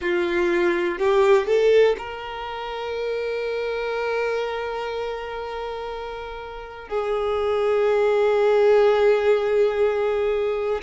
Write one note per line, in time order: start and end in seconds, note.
0.01 0.98 F4
0.98 1.46 G4
1.46 1.95 A4
1.98 6.88 A#4
6.88 10.82 G#4